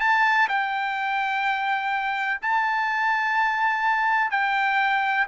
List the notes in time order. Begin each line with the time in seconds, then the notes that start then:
0.00 A5
0.48 G5
2.42 A5
4.31 G5